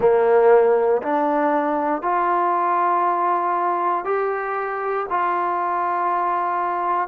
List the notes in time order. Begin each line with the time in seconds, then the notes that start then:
0.00 A#3
1.02 D4
2.02 F4
4.04 G4
5.09 F4